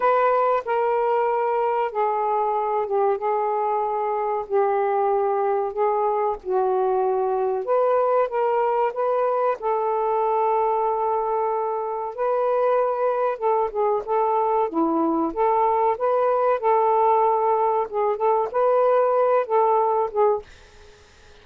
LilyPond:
\new Staff \with { instrumentName = "saxophone" } { \time 4/4 \tempo 4 = 94 b'4 ais'2 gis'4~ | gis'8 g'8 gis'2 g'4~ | g'4 gis'4 fis'2 | b'4 ais'4 b'4 a'4~ |
a'2. b'4~ | b'4 a'8 gis'8 a'4 e'4 | a'4 b'4 a'2 | gis'8 a'8 b'4. a'4 gis'8 | }